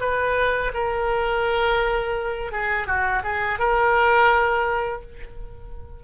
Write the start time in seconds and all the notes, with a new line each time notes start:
0.00 B4
0.74 A#4
2.52 G#4
2.87 F#4
3.23 G#4
3.59 A#4